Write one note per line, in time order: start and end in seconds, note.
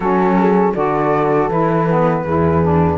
0.00 0.73 F#3
0.00 0.75 C#4
0.00 0.37 F#4
0.00 0.73 A4
0.38 0.75 G#4
0.74 1.49 D3
0.74 1.50 F#4
0.74 2.24 A4
0.74 1.49 D5
1.49 2.24 E3
1.49 1.87 E4
1.49 2.98 B4
1.88 2.26 B3
2.24 2.98 E2
2.24 2.62 E4
2.24 2.98 G#4
2.62 2.98 D4